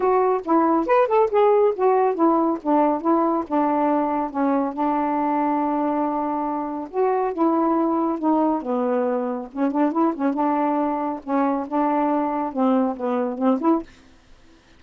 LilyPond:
\new Staff \with { instrumentName = "saxophone" } { \time 4/4 \tempo 4 = 139 fis'4 e'4 b'8 a'8 gis'4 | fis'4 e'4 d'4 e'4 | d'2 cis'4 d'4~ | d'1 |
fis'4 e'2 dis'4 | b2 cis'8 d'8 e'8 cis'8 | d'2 cis'4 d'4~ | d'4 c'4 b4 c'8 e'8 | }